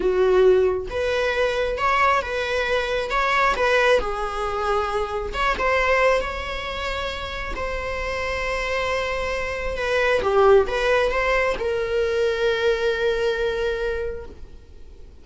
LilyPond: \new Staff \with { instrumentName = "viola" } { \time 4/4 \tempo 4 = 135 fis'2 b'2 | cis''4 b'2 cis''4 | b'4 gis'2. | cis''8 c''4. cis''2~ |
cis''4 c''2.~ | c''2 b'4 g'4 | b'4 c''4 ais'2~ | ais'1 | }